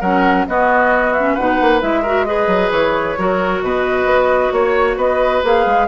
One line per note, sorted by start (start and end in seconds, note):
0.00 0.46 F#3
0.00 0.48 C#4
0.00 0.45 A#4
0.00 0.46 F#5
0.48 1.38 B3
0.48 1.16 B3
0.48 1.34 F#4
0.48 1.13 D#5
1.13 1.39 C#4
1.13 1.35 E5
1.34 1.61 B2
1.34 1.80 D#4
1.34 2.02 B4
1.34 1.80 F#5
1.61 1.82 A#3
1.80 2.47 G#3
1.80 2.03 E4
1.80 2.25 E5
2.02 2.26 F#4
2.02 2.25 A#4
2.25 3.16 G#4
2.25 3.18 B4
2.25 2.70 D#5
2.47 2.69 F#3
2.71 3.16 E3
2.71 3.61 C#5
3.18 3.62 F#3
3.18 5.43 F#4
3.18 3.64 A#4
3.62 4.05 B2
3.62 4.53 B4
3.62 4.53 D#5
4.05 4.50 B3
4.52 4.96 A#3
4.52 4.98 C#5
4.52 4.97 C#5
4.96 5.41 B3
4.96 5.87 B4
4.96 5.43 D#5
5.43 5.66 A#3
5.43 5.88 G#4
5.43 5.88 F5
5.66 5.88 G#3